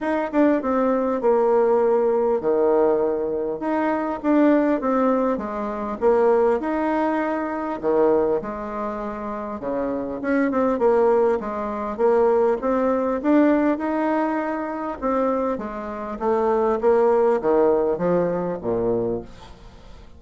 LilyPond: \new Staff \with { instrumentName = "bassoon" } { \time 4/4 \tempo 4 = 100 dis'8 d'8 c'4 ais2 | dis2 dis'4 d'4 | c'4 gis4 ais4 dis'4~ | dis'4 dis4 gis2 |
cis4 cis'8 c'8 ais4 gis4 | ais4 c'4 d'4 dis'4~ | dis'4 c'4 gis4 a4 | ais4 dis4 f4 ais,4 | }